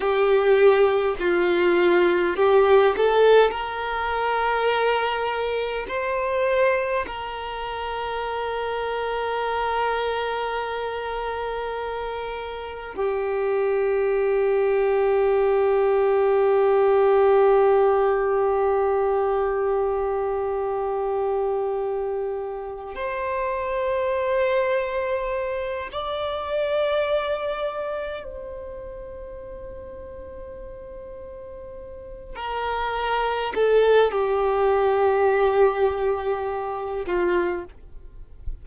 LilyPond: \new Staff \with { instrumentName = "violin" } { \time 4/4 \tempo 4 = 51 g'4 f'4 g'8 a'8 ais'4~ | ais'4 c''4 ais'2~ | ais'2. g'4~ | g'1~ |
g'2.~ g'8 c''8~ | c''2 d''2 | c''2.~ c''8 ais'8~ | ais'8 a'8 g'2~ g'8 f'8 | }